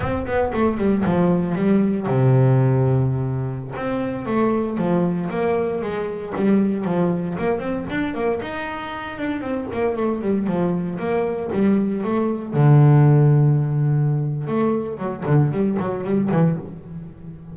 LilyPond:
\new Staff \with { instrumentName = "double bass" } { \time 4/4 \tempo 4 = 116 c'8 b8 a8 g8 f4 g4 | c2.~ c16 c'8.~ | c'16 a4 f4 ais4 gis8.~ | gis16 g4 f4 ais8 c'8 d'8 ais16~ |
ais16 dis'4. d'8 c'8 ais8 a8 g16~ | g16 f4 ais4 g4 a8.~ | a16 d2.~ d8. | a4 fis8 d8 g8 fis8 g8 e8 | }